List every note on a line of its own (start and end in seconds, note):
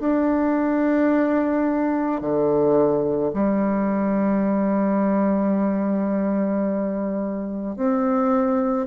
0.00 2.21 D4
2.21 3.32 D3
3.33 7.76 G3
7.76 8.87 C4